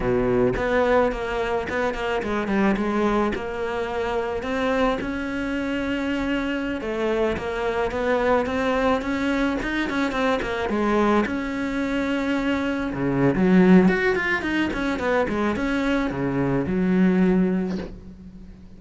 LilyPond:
\new Staff \with { instrumentName = "cello" } { \time 4/4 \tempo 4 = 108 b,4 b4 ais4 b8 ais8 | gis8 g8 gis4 ais2 | c'4 cis'2.~ | cis'16 a4 ais4 b4 c'8.~ |
c'16 cis'4 dis'8 cis'8 c'8 ais8 gis8.~ | gis16 cis'2. cis8. | fis4 fis'8 f'8 dis'8 cis'8 b8 gis8 | cis'4 cis4 fis2 | }